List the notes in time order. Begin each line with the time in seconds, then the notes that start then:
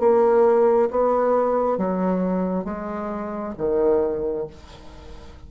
0.00 A#3
0.91 B3
1.78 F#3
2.65 G#3
3.58 D#3